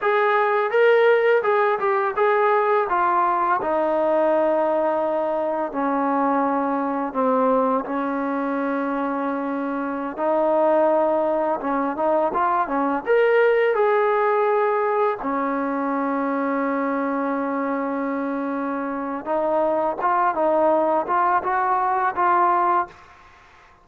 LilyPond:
\new Staff \with { instrumentName = "trombone" } { \time 4/4 \tempo 4 = 84 gis'4 ais'4 gis'8 g'8 gis'4 | f'4 dis'2. | cis'2 c'4 cis'4~ | cis'2~ cis'16 dis'4.~ dis'16~ |
dis'16 cis'8 dis'8 f'8 cis'8 ais'4 gis'8.~ | gis'4~ gis'16 cis'2~ cis'8.~ | cis'2. dis'4 | f'8 dis'4 f'8 fis'4 f'4 | }